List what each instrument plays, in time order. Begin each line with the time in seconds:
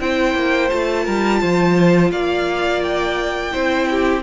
0.00 cello C4, viola E4, violin C5 G5
0.35 cello A#3
0.70 cello A3, viola F4, violin A5
1.04 cello G3, violin A#4
1.41 cello F3, violin C5
2.11 cello A#3, violin D5 F5
2.83 violin G5
3.51 cello C4, viola E4, violin C5
3.90 violin G4